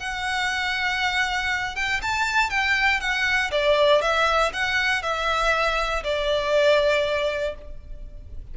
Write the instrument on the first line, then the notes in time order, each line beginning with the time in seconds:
violin
0.00 F#5
1.76 G5
2.02 A5
2.50 G5
3.01 F#5
3.52 D5
4.02 E5
4.54 F#5
5.03 E5
6.04 D5